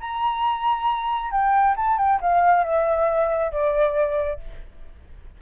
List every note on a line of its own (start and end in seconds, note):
0.00 1.31 A#5
1.31 1.75 G5
1.76 1.98 A5
1.98 2.20 G5
2.21 2.64 F5
2.64 3.52 E5
3.52 4.40 D5